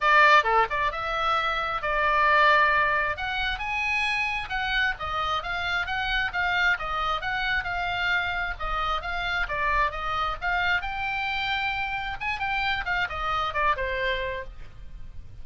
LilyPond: \new Staff \with { instrumentName = "oboe" } { \time 4/4 \tempo 4 = 133 d''4 a'8 d''8 e''2 | d''2. fis''4 | gis''2 fis''4 dis''4 | f''4 fis''4 f''4 dis''4 |
fis''4 f''2 dis''4 | f''4 d''4 dis''4 f''4 | g''2. gis''8 g''8~ | g''8 f''8 dis''4 d''8 c''4. | }